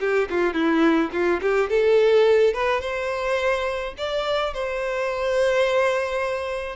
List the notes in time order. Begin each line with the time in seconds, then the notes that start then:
0.00 G4
0.30 F4
0.54 E4
1.12 F4
1.41 G4
1.70 A4
2.54 B4
2.81 C5
3.98 D5
4.54 C5